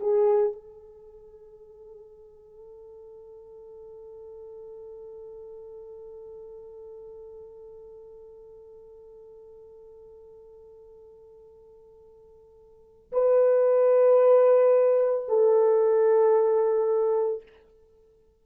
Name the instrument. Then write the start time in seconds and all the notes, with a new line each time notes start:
horn
0.00 G#4
0.52 A4
13.12 B4
15.28 A4